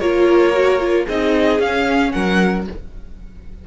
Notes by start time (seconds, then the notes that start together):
0.00 A#3 F4 A#4 C#5
0.53 F#4
0.80 F4
1.05 C4 D#4 G#4 D#5
1.59 C#4 F5
2.12 F#3 A#4 F#5